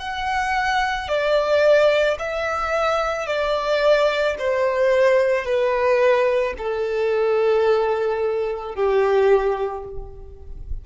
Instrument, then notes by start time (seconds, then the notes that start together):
violin
0.00 F#5
1.09 D5
2.19 E5
3.27 D5
4.39 C5
5.45 B4
6.59 A4
8.75 G4